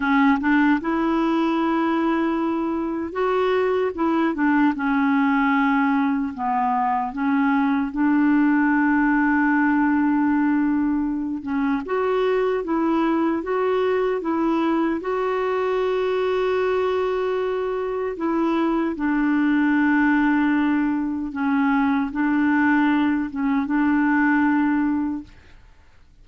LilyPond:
\new Staff \with { instrumentName = "clarinet" } { \time 4/4 \tempo 4 = 76 cis'8 d'8 e'2. | fis'4 e'8 d'8 cis'2 | b4 cis'4 d'2~ | d'2~ d'8 cis'8 fis'4 |
e'4 fis'4 e'4 fis'4~ | fis'2. e'4 | d'2. cis'4 | d'4. cis'8 d'2 | }